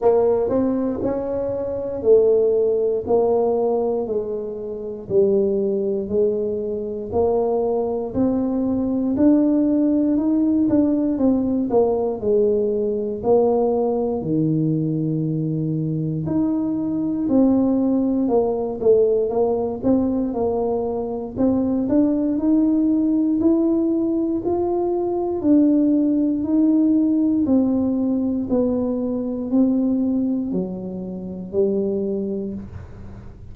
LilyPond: \new Staff \with { instrumentName = "tuba" } { \time 4/4 \tempo 4 = 59 ais8 c'8 cis'4 a4 ais4 | gis4 g4 gis4 ais4 | c'4 d'4 dis'8 d'8 c'8 ais8 | gis4 ais4 dis2 |
dis'4 c'4 ais8 a8 ais8 c'8 | ais4 c'8 d'8 dis'4 e'4 | f'4 d'4 dis'4 c'4 | b4 c'4 fis4 g4 | }